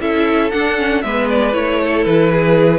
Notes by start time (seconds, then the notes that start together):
0.00 C#4 E4 A4 E5
0.50 D4 F#5
0.77 C#4
1.02 G#3 B3 B4 E5
1.29 D5
1.52 A3 E4 C#5
1.83 A4
2.04 E3 B4
2.32 G#4